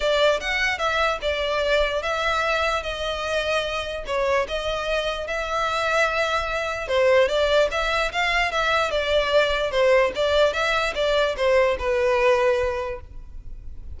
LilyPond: \new Staff \with { instrumentName = "violin" } { \time 4/4 \tempo 4 = 148 d''4 fis''4 e''4 d''4~ | d''4 e''2 dis''4~ | dis''2 cis''4 dis''4~ | dis''4 e''2.~ |
e''4 c''4 d''4 e''4 | f''4 e''4 d''2 | c''4 d''4 e''4 d''4 | c''4 b'2. | }